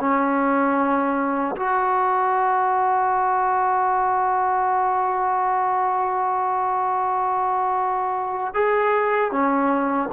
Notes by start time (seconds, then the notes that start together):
0.00 C#4
1.57 F#4
8.55 G#4
9.32 C#4